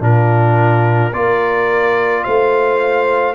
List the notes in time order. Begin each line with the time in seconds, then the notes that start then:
0.00 A#2 D4 F4 A#4
1.11 A#3 F4 A#4 D5
2.23 A3 C5 F5